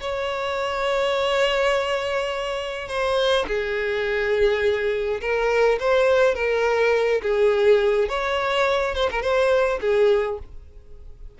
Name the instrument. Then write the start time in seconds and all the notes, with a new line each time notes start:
violin
0.00 C#5
2.88 C5
3.47 G#4
5.21 A#4
5.80 C5
6.34 A#4
7.22 G#4
8.08 C#5
8.95 C5
9.11 A#4
9.22 C5
9.81 G#4